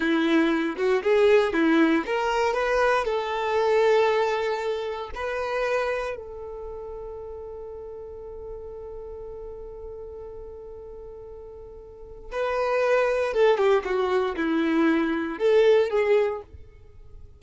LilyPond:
\new Staff \with { instrumentName = "violin" } { \time 4/4 \tempo 4 = 117 e'4. fis'8 gis'4 e'4 | ais'4 b'4 a'2~ | a'2 b'2 | a'1~ |
a'1~ | a'1 | b'2 a'8 g'8 fis'4 | e'2 a'4 gis'4 | }